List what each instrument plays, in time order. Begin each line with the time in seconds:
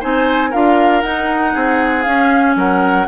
0.00 bassoon C4, clarinet D#4, oboe C5, flute G#5
0.50 bassoon D4, clarinet F4, oboe A#4, flute F5
1.01 bassoon D#4, clarinet D#4, flute F#5
1.54 bassoon C4, oboe G#4
2.03 clarinet C#4, bassoon C#4, flute F5
2.56 bassoon F#3, oboe A#4, flute F#5